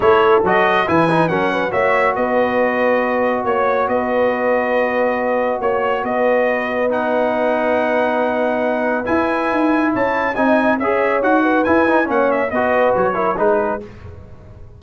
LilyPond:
<<
  \new Staff \with { instrumentName = "trumpet" } { \time 4/4 \tempo 4 = 139 cis''4 dis''4 gis''4 fis''4 | e''4 dis''2. | cis''4 dis''2.~ | dis''4 cis''4 dis''2 |
fis''1~ | fis''4 gis''2 a''4 | gis''4 e''4 fis''4 gis''4 | fis''8 e''8 dis''4 cis''4 b'4 | }
  \new Staff \with { instrumentName = "horn" } { \time 4/4 a'2 b'4 ais'8 b'8 | cis''4 b'2. | cis''4 b'2.~ | b'4 cis''4 b'2~ |
b'1~ | b'2. cis''4 | dis''4 cis''4. b'4. | cis''4 b'4. ais'8 gis'4 | }
  \new Staff \with { instrumentName = "trombone" } { \time 4/4 e'4 fis'4 e'8 dis'8 cis'4 | fis'1~ | fis'1~ | fis'1 |
dis'1~ | dis'4 e'2. | dis'4 gis'4 fis'4 e'8 dis'8 | cis'4 fis'4. e'8 dis'4 | }
  \new Staff \with { instrumentName = "tuba" } { \time 4/4 a4 fis4 e4 fis4 | ais4 b2. | ais4 b2.~ | b4 ais4 b2~ |
b1~ | b4 e'4 dis'4 cis'4 | c'4 cis'4 dis'4 e'4 | ais4 b4 fis4 gis4 | }
>>